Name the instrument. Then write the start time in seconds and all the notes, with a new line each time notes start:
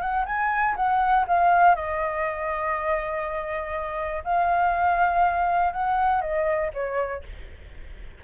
flute
0.00 F#5
0.25 G#5
0.76 F#5
1.28 F5
1.75 D#5
4.24 F5
5.73 F#5
6.21 D#5
6.73 C#5